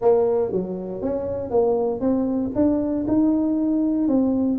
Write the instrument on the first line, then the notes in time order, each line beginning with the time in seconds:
tuba
0.01 A#3
0.51 F#3
1.02 C#4
1.50 A#3
2.00 C4
2.55 D4
3.07 D#4
4.08 C4